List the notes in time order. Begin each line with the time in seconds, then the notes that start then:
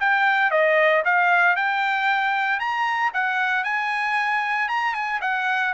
0.00 G5
0.51 D#5
1.05 F5
1.56 G5
2.60 A#5
3.14 F#5
3.64 G#5
4.69 A#5
4.94 G#5
5.22 F#5